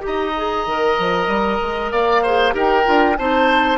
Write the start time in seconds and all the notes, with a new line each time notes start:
0.00 G4 A#5
0.06 D#4 D#5
0.36 G#4
0.67 D#3 A#4
0.99 F3
1.27 G3
1.61 G#3
1.91 A#3 D5 F5
2.23 G#4 C5
2.51 D#4 G4 A#4 G5
2.85 D4 F4
3.17 C4 D#4 C5 A5